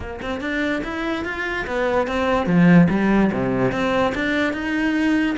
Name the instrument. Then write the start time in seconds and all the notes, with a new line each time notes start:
cello
0.00 A#3
0.22 C4
0.40 D4
0.84 E4
1.24 F4
1.66 B3
2.07 C4
2.46 F3
2.89 G3
3.32 C3
3.71 C4
4.15 D4
4.53 D#4